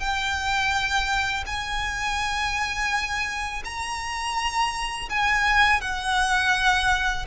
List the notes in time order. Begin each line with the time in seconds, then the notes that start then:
0.00 G5
1.47 G#5
3.65 A#5
5.10 G#5
5.81 F#5